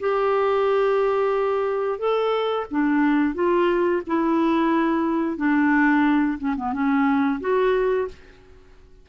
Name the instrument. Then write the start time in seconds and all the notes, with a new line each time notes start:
clarinet
0.00 G4
1.99 A4
2.71 D4
3.34 F4
4.07 E4
5.37 D4
6.38 C#4
6.56 B3
6.73 C#4
7.40 F#4